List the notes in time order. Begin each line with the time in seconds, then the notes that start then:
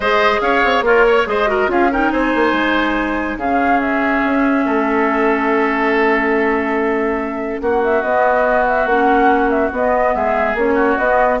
0.00 G#3 G#4 C5 D#5
0.41 C#4 C#5 F5
0.64 C4
0.81 A#3 F4 A#4 C#5
1.06 C#5
1.26 G#3 G#4 C5 D#5
1.47 F#4 A#4
1.67 C#4 F4 G#4 F5
1.91 D#4 A#4 G5
2.11 C4 C5 G#5
2.35 A#3
2.52 G#3
3.36 C#3 C#4 G#4 F5
3.80 E5
4.24 C#4
4.65 A3 A4
7.60 A#3 F#4 F#5
7.83 E5
8.02 B3 D#5
8.66 E5
8.85 A#3 C#4 F#5
9.49 E5
9.71 B3 D#5
10.14 G#3 G#4 E5
10.54 A#3 C#4 C#5
10.74 F#4
10.97 B3 D#5